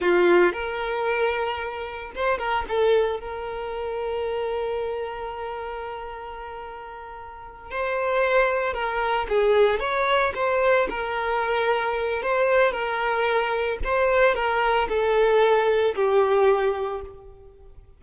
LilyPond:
\new Staff \with { instrumentName = "violin" } { \time 4/4 \tempo 4 = 113 f'4 ais'2. | c''8 ais'8 a'4 ais'2~ | ais'1~ | ais'2~ ais'8 c''4.~ |
c''8 ais'4 gis'4 cis''4 c''8~ | c''8 ais'2~ ais'8 c''4 | ais'2 c''4 ais'4 | a'2 g'2 | }